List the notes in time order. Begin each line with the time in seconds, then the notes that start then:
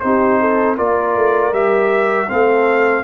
0.00 C4 D#4 G4 C5
0.41 A4
0.77 A#3 F4 A#4 D5
1.16 A3
1.53 G3 G4 E5
2.28 A3 C4 A4 F5